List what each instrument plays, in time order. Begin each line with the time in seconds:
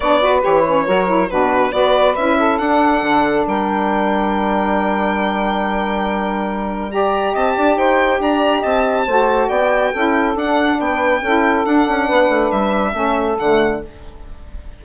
0.00 bassoon B3, saxophone D4 C#5, violin D5
0.21 saxophone F#4 B4
0.41 bassoon E3, saxophone G4, violin C#5
0.66 saxophone C#4
0.86 bassoon F#3, saxophone F#4 A#4
1.06 saxophone E4
1.29 bassoon B2, saxophone D4 F#4, violin B4
1.71 bassoon B3, saxophone F#4 B4, violin D5
2.15 bassoon C#4, saxophone E4, violin E5
2.37 saxophone A4
2.58 bassoon D4, saxophone D4, violin F#5
3.02 bassoon D3
3.46 bassoon G3, saxophone A#4, violin G5
6.90 saxophone G4 D5, violin A#5
7.32 bassoon C4, saxophone D#5, violin A5
7.55 bassoon D4, saxophone D5
7.76 bassoon D#4, saxophone C5, violin G5
8.19 bassoon D4, saxophone D5, violin A#5
8.60 bassoon C4, saxophone D#5, violin A5
9.04 bassoon A3, saxophone F#4 C5
9.47 bassoon B3, saxophone D5, violin G5
9.90 bassoon C#4, saxophone E4 A4
10.34 saxophone D4, bassoon D4, violin F#5
10.79 bassoon B3, saxophone B4, violin G5
11.21 bassoon C#4, saxophone E4 A4
11.65 saxophone D4, bassoon D4, violin F#5
11.87 bassoon C#4
12.05 bassoon B3, saxophone B4
12.29 bassoon A3
12.51 bassoon G3, violin E5
12.93 bassoon A3, saxophone C#4 A4
13.38 bassoon D3, saxophone A3, violin F#5